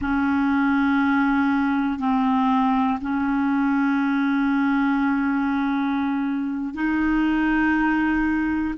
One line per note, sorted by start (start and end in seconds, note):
0.00 1.99 C#4
1.99 2.99 C4
3.00 6.74 C#4
6.74 8.74 D#4